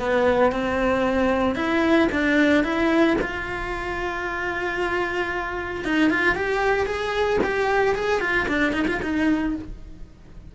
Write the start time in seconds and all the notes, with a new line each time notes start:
0.00 B3
0.52 C4
1.56 E4
2.12 D4
2.64 E4
3.22 F4
5.85 D#4
6.11 F4
6.36 G4
6.87 G#4
7.44 G4
7.96 G#4
8.21 F4
8.49 D4
8.73 D#4
8.88 F4
9.03 D#4